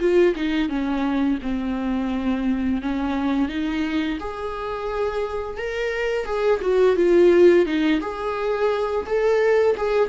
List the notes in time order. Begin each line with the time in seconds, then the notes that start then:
0.00 F4
0.36 D#4
0.69 C#4
1.42 C4
2.82 C#4
3.49 D#4
4.20 G#4
5.58 A#4
6.26 G#4
6.62 F#4
6.96 F4
7.66 D#4
8.01 G#4
9.06 A4
9.77 G#4